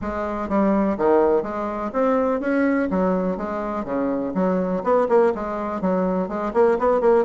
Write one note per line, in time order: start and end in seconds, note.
0.01 0.48 G#3
0.48 0.97 G3
0.97 1.42 D#3
1.42 1.91 G#3
1.92 2.40 C4
2.40 2.89 C#4
2.90 3.37 F#3
3.37 3.84 G#3
3.84 4.33 C#3
4.34 4.82 F#3
4.83 5.07 B3
5.08 5.32 A#3
5.34 5.81 G#3
5.81 6.28 F#3
6.28 6.52 G#3
6.53 6.77 A#3
6.78 7.01 B3
7.01 7.25 A#3